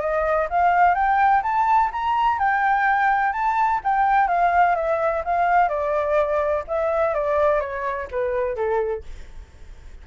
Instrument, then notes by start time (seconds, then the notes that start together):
flute
0.00 D#5
0.50 F5
0.94 G5
1.42 A5
1.92 A#5
2.39 G5
3.32 A5
3.84 G5
4.27 F5
4.75 E5
5.24 F5
5.68 D5
6.67 E5
7.14 D5
7.60 C#5
8.11 B4
8.56 A4